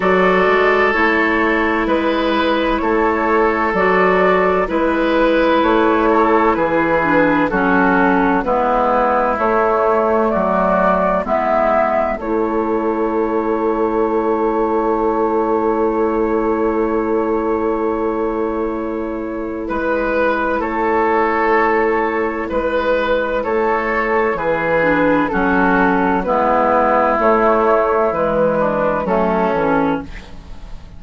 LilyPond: <<
  \new Staff \with { instrumentName = "flute" } { \time 4/4 \tempo 4 = 64 d''4 cis''4 b'4 cis''4 | d''4 b'4 cis''4 b'4 | a'4 b'4 cis''4 d''4 | e''4 cis''2.~ |
cis''1~ | cis''4 b'4 cis''2 | b'4 cis''4 b'4 a'4 | b'4 cis''4 b'4 a'4 | }
  \new Staff \with { instrumentName = "oboe" } { \time 4/4 a'2 b'4 a'4~ | a'4 b'4. a'8 gis'4 | fis'4 e'2 fis'4 | e'4 a'2.~ |
a'1~ | a'4 b'4 a'2 | b'4 a'4 gis'4 fis'4 | e'2~ e'8 d'8 cis'4 | }
  \new Staff \with { instrumentName = "clarinet" } { \time 4/4 fis'4 e'2. | fis'4 e'2~ e'8 d'8 | cis'4 b4 a2 | b4 e'2.~ |
e'1~ | e'1~ | e'2~ e'8 d'8 cis'4 | b4 a4 gis4 a8 cis'8 | }
  \new Staff \with { instrumentName = "bassoon" } { \time 4/4 fis8 gis8 a4 gis4 a4 | fis4 gis4 a4 e4 | fis4 gis4 a4 fis4 | gis4 a2.~ |
a1~ | a4 gis4 a2 | gis4 a4 e4 fis4 | gis4 a4 e4 fis8 e8 | }
>>